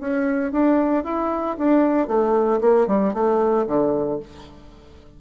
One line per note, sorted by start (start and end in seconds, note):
0.00 0.52 C#4
0.52 1.04 D4
1.04 1.57 E4
1.58 2.08 D4
2.08 2.60 A3
2.61 2.87 A#3
2.87 3.14 G3
3.14 3.66 A3
3.67 4.20 D3